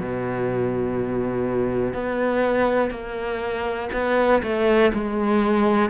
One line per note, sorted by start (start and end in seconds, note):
0.00 1.94 B2
1.94 2.91 B3
2.91 3.89 A#3
3.93 4.42 B3
4.43 4.92 A3
4.94 5.90 G#3